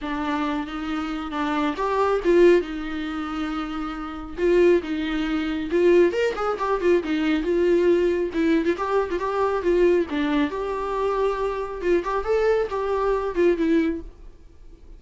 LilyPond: \new Staff \with { instrumentName = "viola" } { \time 4/4 \tempo 4 = 137 d'4. dis'4. d'4 | g'4 f'4 dis'2~ | dis'2 f'4 dis'4~ | dis'4 f'4 ais'8 gis'8 g'8 f'8 |
dis'4 f'2 e'8. f'16 | g'8. f'16 g'4 f'4 d'4 | g'2. f'8 g'8 | a'4 g'4. f'8 e'4 | }